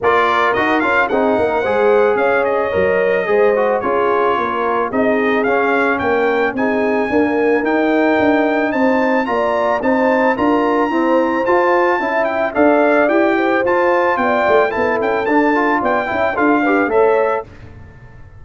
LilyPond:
<<
  \new Staff \with { instrumentName = "trumpet" } { \time 4/4 \tempo 4 = 110 d''4 dis''8 f''8 fis''2 | f''8 dis''2~ dis''8 cis''4~ | cis''4 dis''4 f''4 g''4 | gis''2 g''2 |
a''4 ais''4 a''4 ais''4~ | ais''4 a''4. g''8 f''4 | g''4 a''4 g''4 a''8 g''8 | a''4 g''4 f''4 e''4 | }
  \new Staff \with { instrumentName = "horn" } { \time 4/4 ais'2 gis'8 ais'8 c''4 | cis''2 c''4 gis'4 | ais'4 gis'2 ais'4 | gis'4 ais'2. |
c''4 d''4 c''4 ais'4 | c''2 e''4 d''4~ | d''8 c''4. d''4 a'4~ | a'4 d''8 e''8 a'8 b'8 cis''4 | }
  \new Staff \with { instrumentName = "trombone" } { \time 4/4 f'4 fis'8 f'8 dis'4 gis'4~ | gis'4 ais'4 gis'8 fis'8 f'4~ | f'4 dis'4 cis'2 | dis'4 ais4 dis'2~ |
dis'4 f'4 dis'4 f'4 | c'4 f'4 e'4 a'4 | g'4 f'2 e'4 | d'8 f'4 e'8 f'8 g'8 a'4 | }
  \new Staff \with { instrumentName = "tuba" } { \time 4/4 ais4 dis'8 cis'8 c'8 ais8 gis4 | cis'4 fis4 gis4 cis'4 | ais4 c'4 cis'4 ais4 | c'4 d'4 dis'4 d'4 |
c'4 ais4 c'4 d'4 | e'4 f'4 cis'4 d'4 | e'4 f'4 b8 a8 b8 cis'8 | d'4 b8 cis'8 d'4 a4 | }
>>